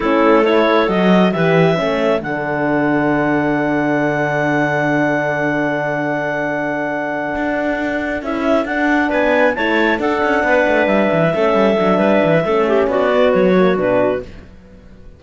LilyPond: <<
  \new Staff \with { instrumentName = "clarinet" } { \time 4/4 \tempo 4 = 135 a'4 cis''4 dis''4 e''4~ | e''4 fis''2.~ | fis''1~ | fis''1~ |
fis''2~ fis''8 e''4 fis''8~ | fis''8 gis''4 a''4 fis''4.~ | fis''8 e''2.~ e''8~ | e''4 d''4 cis''4 b'4 | }
  \new Staff \with { instrumentName = "clarinet" } { \time 4/4 e'4 a'2 b'4 | a'1~ | a'1~ | a'1~ |
a'1~ | a'8 b'4 cis''4 a'4 b'8~ | b'4. a'4. b'4 | a'8 g'8 fis'2. | }
  \new Staff \with { instrumentName = "horn" } { \time 4/4 cis'4 e'4 fis'4 g'4 | cis'4 d'2.~ | d'1~ | d'1~ |
d'2~ d'8 e'4 d'8~ | d'4. e'4 d'4.~ | d'4. cis'4 d'4. | cis'4. b4 ais8 d'4 | }
  \new Staff \with { instrumentName = "cello" } { \time 4/4 a2 fis4 e4 | a4 d2.~ | d1~ | d1~ |
d8 d'2 cis'4 d'8~ | d'8 b4 a4 d'8 cis'8 b8 | a8 g8 e8 a8 g8 fis8 g8 e8 | a4 b4 fis4 b,4 | }
>>